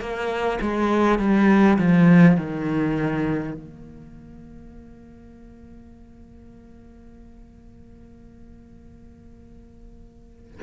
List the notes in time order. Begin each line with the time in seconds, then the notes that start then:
0.00 A#3
0.61 G#3
1.19 G3
1.79 F3
2.37 D#3
3.54 A#3